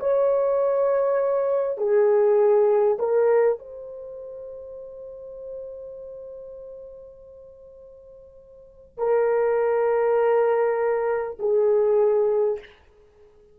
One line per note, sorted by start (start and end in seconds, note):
0.00 1.78 C#5
1.78 2.98 G#4
2.99 3.59 A#4
3.59 8.98 C5
8.98 11.38 A#4
11.39 12.59 G#4